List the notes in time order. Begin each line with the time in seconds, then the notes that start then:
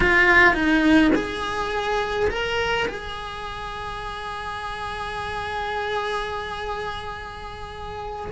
0.00 F4
0.54 D#4
1.15 G#4
2.30 A#4
2.88 G#4